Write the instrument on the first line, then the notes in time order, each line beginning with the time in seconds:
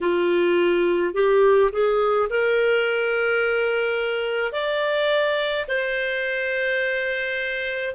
clarinet
0.01 F4
1.14 G4
1.72 G#4
2.30 A#4
4.52 D5
5.68 C5